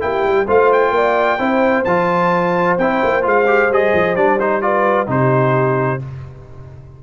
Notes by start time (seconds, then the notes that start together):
0.00 A#3 E4 G4 G5
0.24 G3
0.46 A3 F4 C5 F5
0.73 G5
0.91 A#3 D5
1.39 C4 E4 C5
1.84 F3 F4 A5
2.78 C4 E4 G5
3.03 A#3
3.22 G#3 F4 F5
3.47 G4
3.70 G3 G#4 D#5
3.93 F3
4.15 G3 D4 D5
4.40 D#4 C5
4.61 F4 B4 D5
5.07 C3 D#4 G4 C5